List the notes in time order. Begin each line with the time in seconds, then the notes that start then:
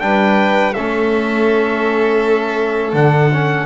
0.00 G3 D4 B4 G5
0.73 A3 C#4 A4 E5
2.92 D3 D4 F#5
3.32 C#4